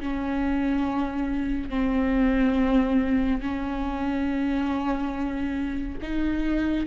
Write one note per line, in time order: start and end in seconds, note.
0.00 1.70 C#4
1.70 3.41 C4
3.41 5.98 C#4
6.02 6.87 D#4